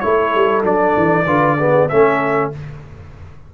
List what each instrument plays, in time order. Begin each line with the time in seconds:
0.00 tuba A3, trombone E4, horn A4, trumpet C#5
0.35 tuba G3
0.64 tuba F#3, trombone D4, trumpet D5
0.97 tuba E3
1.26 tuba D3, trombone F4, horn B4
1.59 trombone B3, horn G#4
1.89 tuba A3, trombone C#4, horn A4, trumpet E5